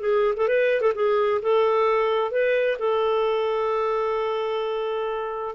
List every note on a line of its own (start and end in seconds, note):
0.00 0.35 G#4
0.37 0.48 A4
0.48 0.81 B4
0.81 0.93 A4
0.95 1.41 G#4
1.42 2.32 A4
2.32 2.78 B4
2.79 5.56 A4